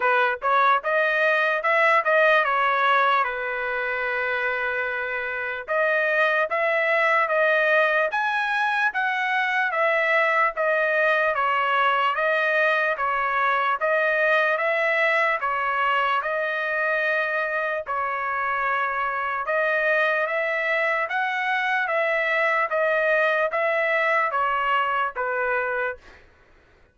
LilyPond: \new Staff \with { instrumentName = "trumpet" } { \time 4/4 \tempo 4 = 74 b'8 cis''8 dis''4 e''8 dis''8 cis''4 | b'2. dis''4 | e''4 dis''4 gis''4 fis''4 | e''4 dis''4 cis''4 dis''4 |
cis''4 dis''4 e''4 cis''4 | dis''2 cis''2 | dis''4 e''4 fis''4 e''4 | dis''4 e''4 cis''4 b'4 | }